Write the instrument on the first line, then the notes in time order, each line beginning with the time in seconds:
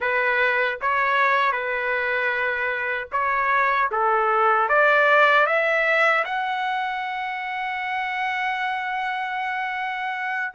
trumpet
0.00 B4
0.81 C#5
1.52 B4
3.12 C#5
3.91 A4
4.68 D5
5.46 E5
6.24 F#5